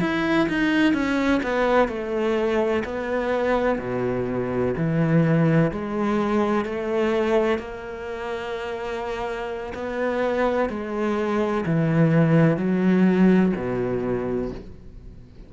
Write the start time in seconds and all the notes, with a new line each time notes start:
0.00 E4
0.48 D#4
0.93 C#4
1.43 B3
1.88 A3
2.84 B3
3.78 B2
4.77 E3
5.71 G#3
6.65 A3
7.58 A#3
9.74 B3
10.69 G#3
11.65 E3
12.57 F#3
13.55 B2